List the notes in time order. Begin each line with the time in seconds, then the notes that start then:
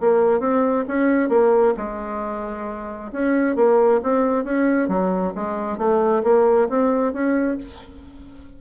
0.00 A#3
0.40 C4
0.88 C#4
1.29 A#3
1.77 G#3
3.12 C#4
3.56 A#3
4.03 C4
4.44 C#4
4.88 F#3
5.35 G#3
5.78 A3
6.23 A#3
6.69 C4
7.13 C#4